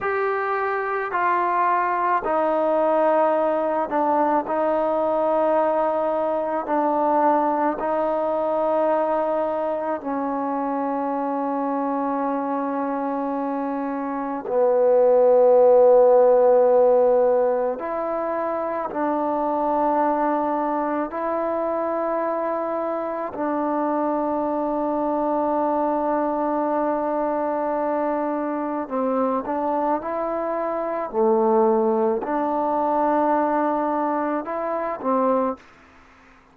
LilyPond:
\new Staff \with { instrumentName = "trombone" } { \time 4/4 \tempo 4 = 54 g'4 f'4 dis'4. d'8 | dis'2 d'4 dis'4~ | dis'4 cis'2.~ | cis'4 b2. |
e'4 d'2 e'4~ | e'4 d'2.~ | d'2 c'8 d'8 e'4 | a4 d'2 e'8 c'8 | }